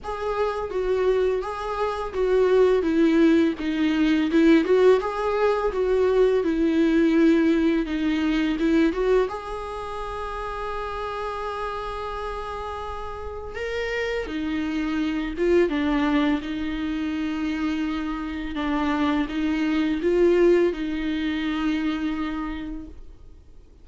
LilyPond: \new Staff \with { instrumentName = "viola" } { \time 4/4 \tempo 4 = 84 gis'4 fis'4 gis'4 fis'4 | e'4 dis'4 e'8 fis'8 gis'4 | fis'4 e'2 dis'4 | e'8 fis'8 gis'2.~ |
gis'2. ais'4 | dis'4. f'8 d'4 dis'4~ | dis'2 d'4 dis'4 | f'4 dis'2. | }